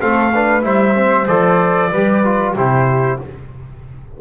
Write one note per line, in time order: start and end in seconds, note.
0.00 0.63 A3
0.00 0.32 C4
0.00 0.32 A4
0.00 0.64 F5
0.34 0.62 D4
0.34 0.65 B4
0.62 1.27 G3
0.62 0.94 E4
0.62 1.91 C5
0.62 1.27 E5
0.94 1.26 C4
1.27 1.92 F3
1.27 1.91 A4
1.27 2.55 D5
1.91 2.56 G3
1.91 2.24 G4
1.91 2.55 B4
2.24 2.56 F4
2.55 3.19 C3
2.55 3.20 E4
2.55 3.18 G4
2.55 3.21 C5